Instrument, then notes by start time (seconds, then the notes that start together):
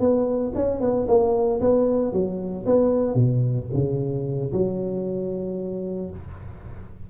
tuba
0.00 B3
0.55 C#4
0.81 B3
1.08 A#3
1.61 B3
2.13 F#3
2.66 B3
3.15 B2
3.73 C#3
4.53 F#3